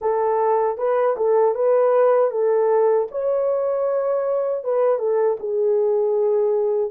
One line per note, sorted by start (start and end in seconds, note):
0.01 0.77 A4
0.77 1.15 B4
1.16 1.55 A4
1.55 2.30 B4
2.30 3.07 A4
3.11 4.64 C#5
4.64 4.98 B4
4.98 5.37 A4
5.39 6.91 G#4